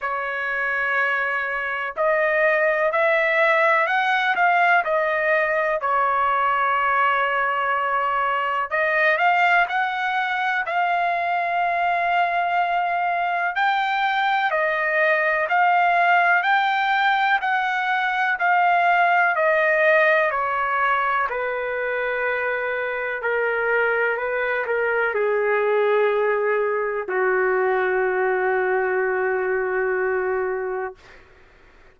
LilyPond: \new Staff \with { instrumentName = "trumpet" } { \time 4/4 \tempo 4 = 62 cis''2 dis''4 e''4 | fis''8 f''8 dis''4 cis''2~ | cis''4 dis''8 f''8 fis''4 f''4~ | f''2 g''4 dis''4 |
f''4 g''4 fis''4 f''4 | dis''4 cis''4 b'2 | ais'4 b'8 ais'8 gis'2 | fis'1 | }